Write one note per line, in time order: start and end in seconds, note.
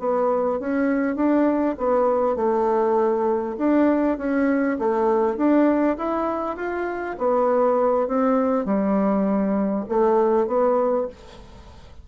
0.00 0.60 B3
0.60 1.16 C#4
1.16 1.76 D4
1.78 2.37 B3
2.37 3.57 A3
3.58 4.18 D4
4.18 4.78 C#4
4.79 5.37 A3
5.37 5.97 D4
5.98 6.57 E4
6.57 7.17 F4
7.19 8.08 B3
8.08 8.66 C4
8.66 9.86 G3
9.89 10.48 A3
10.48 11.08 B3